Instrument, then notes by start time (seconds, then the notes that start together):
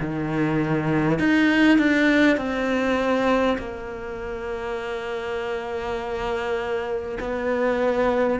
cello
0.00 D#3
1.19 D#4
1.78 D4
2.37 C4
3.58 A#3
7.20 B3